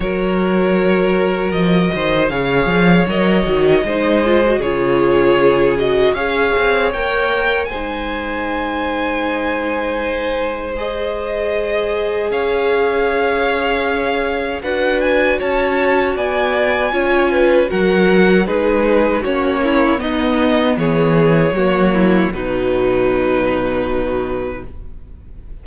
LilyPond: <<
  \new Staff \with { instrumentName = "violin" } { \time 4/4 \tempo 4 = 78 cis''2 dis''4 f''4 | dis''2 cis''4. dis''8 | f''4 g''4 gis''2~ | gis''2 dis''2 |
f''2. fis''8 gis''8 | a''4 gis''2 fis''4 | b'4 cis''4 dis''4 cis''4~ | cis''4 b'2. | }
  \new Staff \with { instrumentName = "violin" } { \time 4/4 ais'2~ ais'8 c''8 cis''4~ | cis''4 c''4 gis'2 | cis''2 c''2~ | c''1 |
cis''2. b'4 | cis''4 d''4 cis''8 b'8 ais'4 | gis'4 fis'8 e'8 dis'4 gis'4 | fis'8 e'8 dis'2. | }
  \new Staff \with { instrumentName = "viola" } { \time 4/4 fis'2. gis'4 | ais'8 fis'8 dis'8 f'16 fis'16 f'4. fis'8 | gis'4 ais'4 dis'2~ | dis'2 gis'2~ |
gis'2. fis'4~ | fis'2 f'4 fis'4 | dis'4 cis'4 b2 | ais4 fis2. | }
  \new Staff \with { instrumentName = "cello" } { \time 4/4 fis2 f8 dis8 cis8 f8 | fis8 dis8 gis4 cis2 | cis'8 c'8 ais4 gis2~ | gis1 |
cis'2. d'4 | cis'4 b4 cis'4 fis4 | gis4 ais4 b4 e4 | fis4 b,2. | }
>>